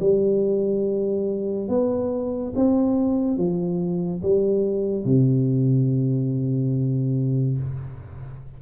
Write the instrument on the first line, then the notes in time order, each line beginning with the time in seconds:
tuba
0.00 G3
1.69 B3
2.55 C4
3.37 F3
4.23 G3
5.05 C3